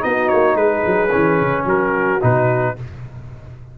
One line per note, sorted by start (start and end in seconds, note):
0.00 0.32 B3
0.00 1.09 D#4
0.00 0.59 F#4
0.00 0.29 D#5
0.29 0.55 A#3
0.29 0.56 C#5
0.55 0.82 G#3
0.55 1.65 G#4
0.55 1.66 B4
0.87 1.14 F#3
1.11 1.41 E3
1.11 2.20 C#4
1.41 1.65 C#3
1.65 2.20 F#3
1.65 2.74 F#4
1.65 2.23 A#4
2.21 2.78 B2
2.21 2.76 D#4
2.21 2.78 B4